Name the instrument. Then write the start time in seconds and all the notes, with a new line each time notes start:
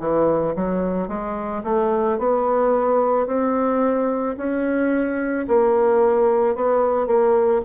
bassoon
0.00 E3
0.56 F#3
1.09 G#3
1.64 A3
2.19 B3
3.27 C4
4.37 C#4
5.48 A#3
6.56 B3
7.07 A#3